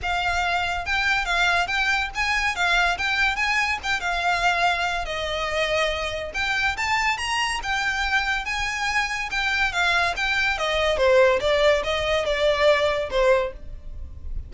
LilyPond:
\new Staff \with { instrumentName = "violin" } { \time 4/4 \tempo 4 = 142 f''2 g''4 f''4 | g''4 gis''4 f''4 g''4 | gis''4 g''8 f''2~ f''8 | dis''2. g''4 |
a''4 ais''4 g''2 | gis''2 g''4 f''4 | g''4 dis''4 c''4 d''4 | dis''4 d''2 c''4 | }